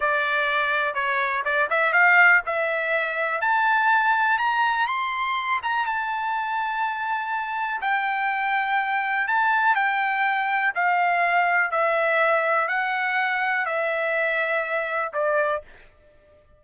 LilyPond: \new Staff \with { instrumentName = "trumpet" } { \time 4/4 \tempo 4 = 123 d''2 cis''4 d''8 e''8 | f''4 e''2 a''4~ | a''4 ais''4 c'''4. ais''8 | a''1 |
g''2. a''4 | g''2 f''2 | e''2 fis''2 | e''2. d''4 | }